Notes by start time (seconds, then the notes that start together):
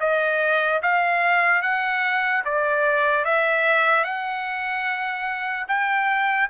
0.00 D#5
0.83 F5
1.62 F#5
2.45 D5
3.25 E5
4.04 F#5
5.68 G5